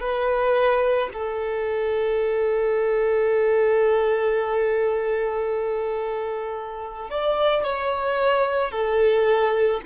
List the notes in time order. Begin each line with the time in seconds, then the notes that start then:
0.00 B4
1.13 A4
7.10 D5
7.64 C#5
8.71 A4